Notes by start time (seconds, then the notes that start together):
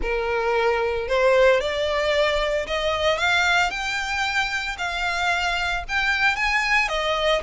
0.01 A#4
1.08 C5
1.60 D5
2.67 D#5
3.17 F5
3.70 G5
4.77 F5
5.88 G5
6.35 G#5
6.88 D#5